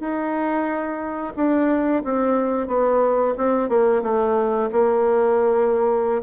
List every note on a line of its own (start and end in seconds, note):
0.00 1.33 D#4
1.36 2.03 D4
2.05 2.68 C4
2.68 3.35 B3
3.38 3.69 C4
3.69 4.02 A#3
4.03 4.70 A3
4.72 6.22 A#3